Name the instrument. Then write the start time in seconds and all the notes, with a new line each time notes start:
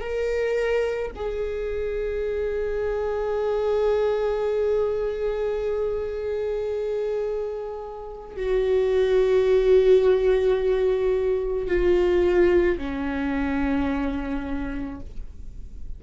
viola
0.00 A#4
1.15 G#4
8.36 F#4
11.67 F4
12.78 C#4